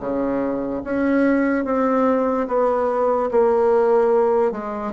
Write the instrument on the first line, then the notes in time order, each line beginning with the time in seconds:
bassoon
0.00 C#3
0.84 C#4
1.65 C4
2.48 B3
3.31 A#3
4.52 G#3